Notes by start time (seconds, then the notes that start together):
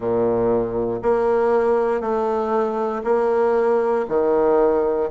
0.00 A#2
1.02 A#3
2.01 A3
3.04 A#3
4.08 D#3